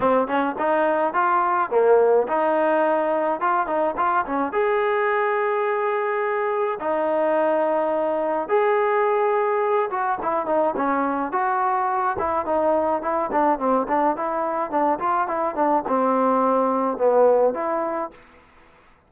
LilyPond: \new Staff \with { instrumentName = "trombone" } { \time 4/4 \tempo 4 = 106 c'8 cis'8 dis'4 f'4 ais4 | dis'2 f'8 dis'8 f'8 cis'8 | gis'1 | dis'2. gis'4~ |
gis'4. fis'8 e'8 dis'8 cis'4 | fis'4. e'8 dis'4 e'8 d'8 | c'8 d'8 e'4 d'8 f'8 e'8 d'8 | c'2 b4 e'4 | }